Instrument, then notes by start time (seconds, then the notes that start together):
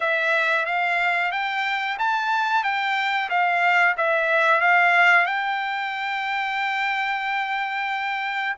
trumpet
0.00 E5
0.65 F5
1.31 G5
1.98 A5
2.63 G5
3.29 F5
3.97 E5
4.60 F5
5.26 G5